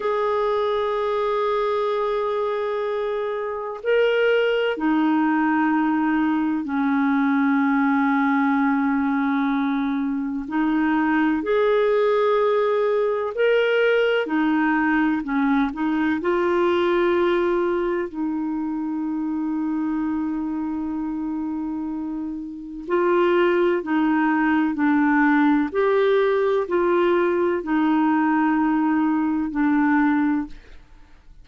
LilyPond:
\new Staff \with { instrumentName = "clarinet" } { \time 4/4 \tempo 4 = 63 gis'1 | ais'4 dis'2 cis'4~ | cis'2. dis'4 | gis'2 ais'4 dis'4 |
cis'8 dis'8 f'2 dis'4~ | dis'1 | f'4 dis'4 d'4 g'4 | f'4 dis'2 d'4 | }